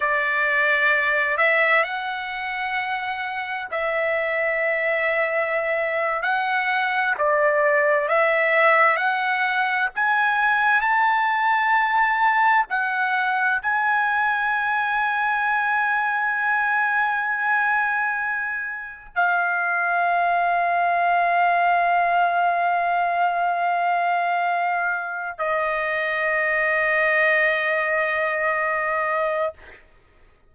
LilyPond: \new Staff \with { instrumentName = "trumpet" } { \time 4/4 \tempo 4 = 65 d''4. e''8 fis''2 | e''2~ e''8. fis''4 d''16~ | d''8. e''4 fis''4 gis''4 a''16~ | a''4.~ a''16 fis''4 gis''4~ gis''16~ |
gis''1~ | gis''8. f''2.~ f''16~ | f''2.~ f''8 dis''8~ | dis''1 | }